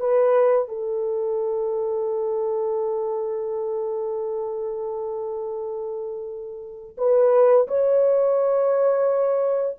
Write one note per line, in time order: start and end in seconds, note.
0.00 0.68 B4
0.68 6.96 A4
6.97 7.67 B4
7.67 9.76 C#5